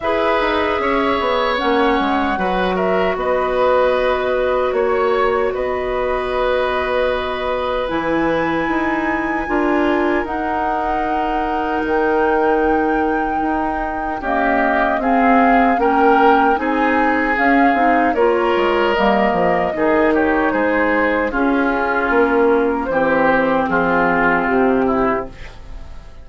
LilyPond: <<
  \new Staff \with { instrumentName = "flute" } { \time 4/4 \tempo 4 = 76 e''2 fis''4. e''8 | dis''2 cis''4 dis''4~ | dis''2 gis''2~ | gis''4 fis''2 g''4~ |
g''2 dis''4 f''4 | g''4 gis''4 f''4 cis''4 | dis''4. cis''8 c''4 gis'4 | ais'4 c''4 gis'4 g'4 | }
  \new Staff \with { instrumentName = "oboe" } { \time 4/4 b'4 cis''2 b'8 ais'8 | b'2 cis''4 b'4~ | b'1 | ais'1~ |
ais'2 g'4 gis'4 | ais'4 gis'2 ais'4~ | ais'4 gis'8 g'8 gis'4 f'4~ | f'4 g'4 f'4. e'8 | }
  \new Staff \with { instrumentName = "clarinet" } { \time 4/4 gis'2 cis'4 fis'4~ | fis'1~ | fis'2 e'2 | f'4 dis'2.~ |
dis'2 ais4 c'4 | cis'4 dis'4 cis'8 dis'8 f'4 | ais4 dis'2 cis'4~ | cis'4 c'2. | }
  \new Staff \with { instrumentName = "bassoon" } { \time 4/4 e'8 dis'8 cis'8 b8 ais8 gis8 fis4 | b2 ais4 b4~ | b2 e4 dis'4 | d'4 dis'2 dis4~ |
dis4 dis'4 cis'4 c'4 | ais4 c'4 cis'8 c'8 ais8 gis8 | g8 f8 dis4 gis4 cis'4 | ais4 e4 f4 c4 | }
>>